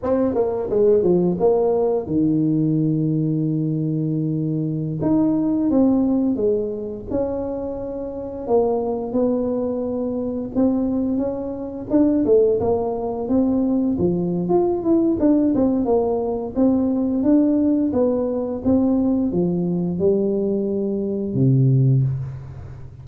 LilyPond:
\new Staff \with { instrumentName = "tuba" } { \time 4/4 \tempo 4 = 87 c'8 ais8 gis8 f8 ais4 dis4~ | dis2.~ dis16 dis'8.~ | dis'16 c'4 gis4 cis'4.~ cis'16~ | cis'16 ais4 b2 c'8.~ |
c'16 cis'4 d'8 a8 ais4 c'8.~ | c'16 f8. f'8 e'8 d'8 c'8 ais4 | c'4 d'4 b4 c'4 | f4 g2 c4 | }